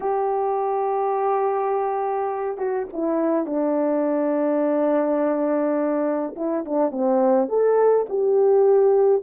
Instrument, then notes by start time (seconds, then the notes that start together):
horn
0.00 G4
2.57 F#4
2.92 E4
3.46 D4
6.36 E4
6.65 D4
6.91 C4
7.48 A4
8.09 G4